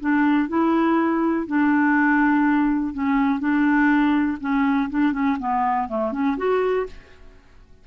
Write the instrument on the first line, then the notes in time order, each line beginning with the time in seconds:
clarinet
0.00 D4
0.48 E4
1.47 D4
2.93 C#4
3.40 D4
4.40 C#4
4.90 D4
5.12 C#4
5.39 B3
5.88 A3
6.12 C#4
6.37 F#4